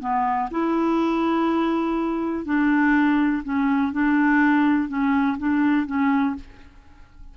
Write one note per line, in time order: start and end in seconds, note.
0.00 0.49 B3
0.51 2.45 E4
2.45 3.42 D4
3.43 3.92 C#4
3.92 4.88 D4
4.88 5.37 C#4
5.38 5.86 D4
5.86 6.35 C#4